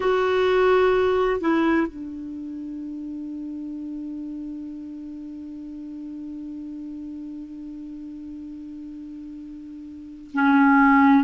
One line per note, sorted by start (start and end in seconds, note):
0.00 1.40 F#4
1.40 1.87 E4
1.87 10.31 D4
10.33 11.23 C#4